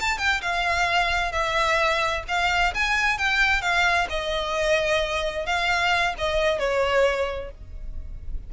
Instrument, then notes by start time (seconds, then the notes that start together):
violin
0.00 A5
0.18 G5
0.41 F5
1.32 E5
2.28 F5
2.74 G#5
3.18 G5
3.61 F5
4.10 D#5
5.46 F5
6.18 D#5
6.59 C#5